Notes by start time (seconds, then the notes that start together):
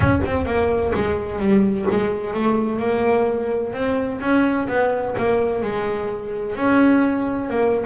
0.00 C#4
0.25 C4
0.45 A#3
0.94 G#3
1.39 G3
1.90 G#3
2.33 A3
2.79 A#3
3.73 C4
4.20 C#4
4.67 B3
5.17 A#3
5.62 G#3
6.55 C#4
7.49 A#3